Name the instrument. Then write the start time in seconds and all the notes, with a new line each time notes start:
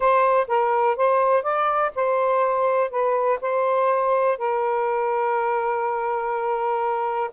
saxophone
0.00 C5
0.47 A#4
0.96 C5
1.43 D5
1.95 C5
2.90 B4
3.41 C5
4.37 A#4